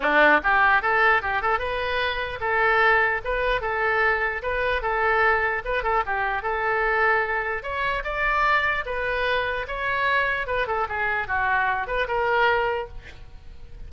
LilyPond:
\new Staff \with { instrumentName = "oboe" } { \time 4/4 \tempo 4 = 149 d'4 g'4 a'4 g'8 a'8 | b'2 a'2 | b'4 a'2 b'4 | a'2 b'8 a'8 g'4 |
a'2. cis''4 | d''2 b'2 | cis''2 b'8 a'8 gis'4 | fis'4. b'8 ais'2 | }